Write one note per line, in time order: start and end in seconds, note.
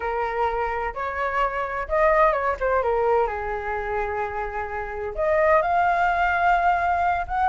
0.00 0.94 A#4
0.94 1.88 C#5
1.88 2.32 D#5
2.32 2.55 C#5
2.60 2.83 C5
2.83 3.26 A#4
3.26 5.14 G#4
5.15 5.61 D#5
5.62 7.26 F5
7.27 7.49 F#5